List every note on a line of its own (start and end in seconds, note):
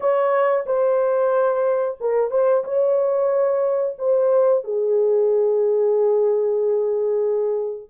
0.00 0.65 C#5
0.66 1.98 C5
2.00 2.30 A#4
2.30 2.63 C5
2.64 3.96 C#5
3.98 4.64 C5
4.64 7.89 G#4